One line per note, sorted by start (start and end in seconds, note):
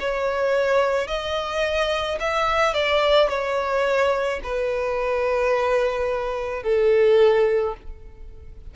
0.00 1.08 C#5
1.08 2.19 D#5
2.20 2.74 E5
2.74 3.29 D5
3.29 4.40 C#5
4.44 6.64 B4
6.64 7.75 A4